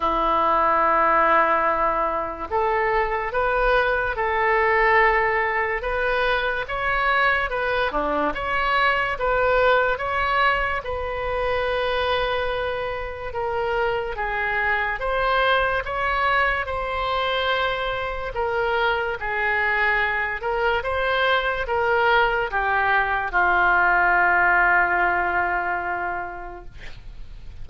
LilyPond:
\new Staff \with { instrumentName = "oboe" } { \time 4/4 \tempo 4 = 72 e'2. a'4 | b'4 a'2 b'4 | cis''4 b'8 d'8 cis''4 b'4 | cis''4 b'2. |
ais'4 gis'4 c''4 cis''4 | c''2 ais'4 gis'4~ | gis'8 ais'8 c''4 ais'4 g'4 | f'1 | }